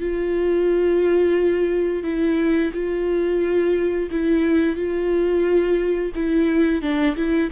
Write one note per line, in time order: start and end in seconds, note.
0.00 2.03 F4
2.03 2.71 E4
2.73 4.10 F4
4.11 4.76 E4
4.76 6.12 F4
6.15 6.82 E4
6.82 7.16 D4
7.16 7.50 E4